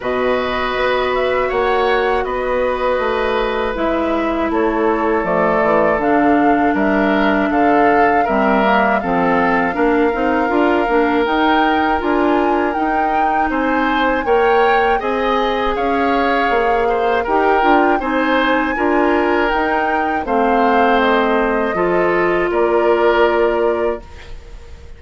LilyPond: <<
  \new Staff \with { instrumentName = "flute" } { \time 4/4 \tempo 4 = 80 dis''4. e''8 fis''4 dis''4~ | dis''4 e''4 cis''4 d''4 | f''4 e''4 f''4 e''4 | f''2. g''4 |
gis''4 g''4 gis''4 g''4 | gis''4 f''2 g''4 | gis''2 g''4 f''4 | dis''2 d''2 | }
  \new Staff \with { instrumentName = "oboe" } { \time 4/4 b'2 cis''4 b'4~ | b'2 a'2~ | a'4 ais'4 a'4 ais'4 | a'4 ais'2.~ |
ais'2 c''4 cis''4 | dis''4 cis''4. c''8 ais'4 | c''4 ais'2 c''4~ | c''4 a'4 ais'2 | }
  \new Staff \with { instrumentName = "clarinet" } { \time 4/4 fis'1~ | fis'4 e'2 a4 | d'2. c'8 ais8 | c'4 d'8 dis'8 f'8 d'8 dis'4 |
f'4 dis'2 ais'4 | gis'2. g'8 f'8 | dis'4 f'4 dis'4 c'4~ | c'4 f'2. | }
  \new Staff \with { instrumentName = "bassoon" } { \time 4/4 b,4 b4 ais4 b4 | a4 gis4 a4 f8 e8 | d4 g4 d4 g4 | f4 ais8 c'8 d'8 ais8 dis'4 |
d'4 dis'4 c'4 ais4 | c'4 cis'4 ais4 dis'8 d'8 | c'4 d'4 dis'4 a4~ | a4 f4 ais2 | }
>>